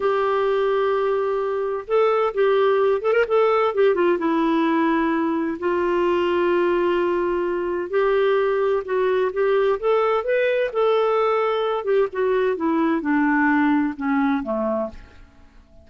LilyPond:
\new Staff \with { instrumentName = "clarinet" } { \time 4/4 \tempo 4 = 129 g'1 | a'4 g'4. a'16 ais'16 a'4 | g'8 f'8 e'2. | f'1~ |
f'4 g'2 fis'4 | g'4 a'4 b'4 a'4~ | a'4. g'8 fis'4 e'4 | d'2 cis'4 a4 | }